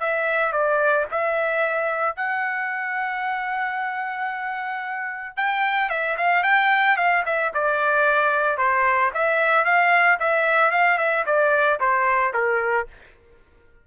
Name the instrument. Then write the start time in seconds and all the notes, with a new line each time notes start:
trumpet
0.00 E5
0.52 D5
1.11 E5
2.16 F#5
5.36 G5
5.90 E5
6.17 F5
6.43 G5
6.97 F5
7.25 E5
7.54 D5
8.57 C5
9.14 E5
9.65 F5
10.20 E5
10.71 F5
10.98 E5
11.26 D5
11.80 C5
12.34 A#4